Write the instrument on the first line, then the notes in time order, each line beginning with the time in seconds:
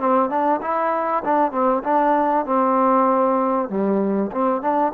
trombone
0.00 C4
0.30 D4
0.62 E4
1.25 D4
1.52 C4
1.84 D4
2.46 C4
3.69 G3
4.32 C4
4.62 D4